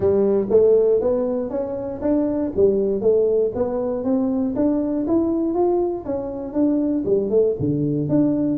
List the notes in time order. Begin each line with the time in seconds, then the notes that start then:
0.00 G3
0.50 A3
1.01 B3
1.50 C#4
2.01 D4
2.56 G3
3.01 A3
3.54 B3
4.04 C4
4.55 D4
5.07 E4
5.54 F4
6.05 C#4
6.53 D4
7.05 G3
7.29 A3
7.59 D3
8.08 D4